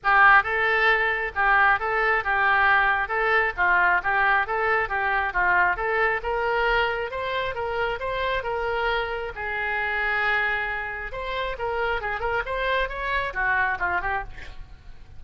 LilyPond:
\new Staff \with { instrumentName = "oboe" } { \time 4/4 \tempo 4 = 135 g'4 a'2 g'4 | a'4 g'2 a'4 | f'4 g'4 a'4 g'4 | f'4 a'4 ais'2 |
c''4 ais'4 c''4 ais'4~ | ais'4 gis'2.~ | gis'4 c''4 ais'4 gis'8 ais'8 | c''4 cis''4 fis'4 f'8 g'8 | }